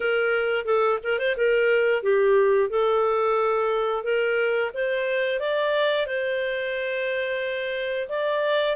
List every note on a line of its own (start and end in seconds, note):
0.00 0.65 A#4
0.65 0.99 A4
1.03 1.18 A#4
1.18 1.35 C5
1.36 2.02 A#4
2.02 2.69 G4
2.69 4.03 A4
4.03 4.70 A#4
4.74 5.39 C5
5.39 6.06 D5
6.06 8.08 C5
8.08 8.75 D5